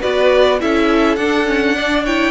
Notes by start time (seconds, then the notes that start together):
0.00 B3 F#4 B4 D5
0.60 C#4 E4 A4 E5
1.16 D4 F#5
1.45 C#4
1.75 D4 D5
2.04 E4 C#5 G5